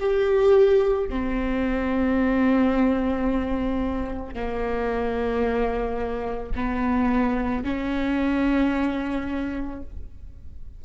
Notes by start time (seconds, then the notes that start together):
0.00 G4
1.09 C4
4.34 A#3
6.56 B3
7.64 C#4